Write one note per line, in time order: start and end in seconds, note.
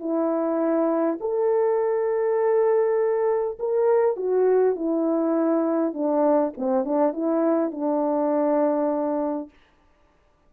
0.00 1.19 E4
1.21 3.58 A4
3.60 4.17 A#4
4.17 4.76 F#4
4.76 5.94 E4
5.94 6.53 D4
6.58 6.85 C4
6.85 7.13 D4
7.13 7.72 E4
7.72 9.50 D4